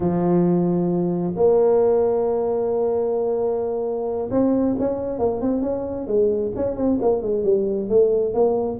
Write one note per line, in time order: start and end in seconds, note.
0.00 1.33 F3
1.35 4.29 A#3
4.30 4.75 C4
4.78 5.18 C#4
5.18 5.41 A#3
5.41 5.62 C4
5.62 6.07 C#4
6.07 6.52 G#3
6.56 6.76 C#4
6.76 6.98 C4
7.01 7.22 A#3
7.22 7.44 G#3
7.44 7.89 G3
7.89 8.34 A3
8.34 8.79 A#3